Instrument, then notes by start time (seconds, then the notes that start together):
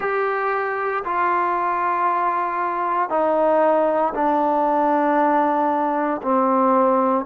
trombone
0.00 G4
1.04 F4
3.09 D#4
4.14 D4
6.22 C4